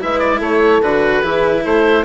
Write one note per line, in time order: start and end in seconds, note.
0.00 0.40 G#3
0.00 0.82 E4
0.00 0.38 B4
0.00 0.19 E5
0.19 0.40 D5
0.38 0.81 A3
0.38 1.20 A4
0.38 0.82 C#5
0.82 1.23 D3
0.82 1.23 F#4
0.82 1.64 B4
1.22 1.64 E3
1.22 2.04 E4
1.22 1.62 G#4
1.63 2.05 A3
1.63 2.04 A4
1.63 2.05 C5